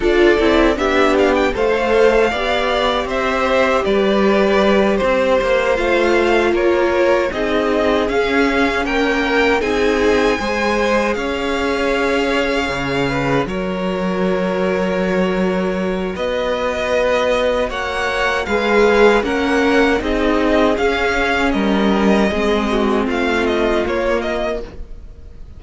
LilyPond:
<<
  \new Staff \with { instrumentName = "violin" } { \time 4/4 \tempo 4 = 78 d''4 e''8 f''16 g''16 f''2 | e''4 d''4. c''4 f''8~ | f''8 cis''4 dis''4 f''4 g''8~ | g''8 gis''2 f''4.~ |
f''4. cis''2~ cis''8~ | cis''4 dis''2 fis''4 | f''4 fis''4 dis''4 f''4 | dis''2 f''8 dis''8 cis''8 dis''8 | }
  \new Staff \with { instrumentName = "violin" } { \time 4/4 a'4 g'4 c''4 d''4 | c''4 b'4. c''4.~ | c''8 ais'4 gis'2 ais'8~ | ais'8 gis'4 c''4 cis''4.~ |
cis''4 b'8 ais'2~ ais'8~ | ais'4 b'2 cis''4 | b'4 ais'4 gis'2 | ais'4 gis'8 fis'8 f'2 | }
  \new Staff \with { instrumentName = "viola" } { \time 4/4 f'8 e'8 d'4 a'4 g'4~ | g'2.~ g'8 f'8~ | f'4. dis'4 cis'4.~ | cis'8 dis'4 gis'2~ gis'8~ |
gis'4. fis'2~ fis'8~ | fis'1 | gis'4 cis'4 dis'4 cis'4~ | cis'4 c'2 ais4 | }
  \new Staff \with { instrumentName = "cello" } { \time 4/4 d'8 c'8 b4 a4 b4 | c'4 g4. c'8 ais8 a8~ | a8 ais4 c'4 cis'4 ais8~ | ais8 c'4 gis4 cis'4.~ |
cis'8 cis4 fis2~ fis8~ | fis4 b2 ais4 | gis4 ais4 c'4 cis'4 | g4 gis4 a4 ais4 | }
>>